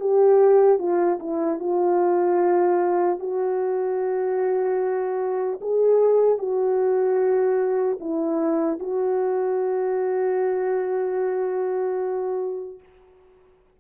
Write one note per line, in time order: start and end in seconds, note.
0.00 0.78 G4
0.78 1.18 F4
1.19 1.59 E4
1.59 3.19 F4
3.19 5.59 F#4
5.61 6.38 G#4
6.38 7.98 F#4
8.00 8.79 E4
8.79 12.79 F#4